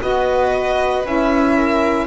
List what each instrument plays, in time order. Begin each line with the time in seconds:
0.00 double bass B3, saxophone F#4, viola B4, violin D#5
1.05 double bass C#4, saxophone E4, violin E5
1.56 viola A#4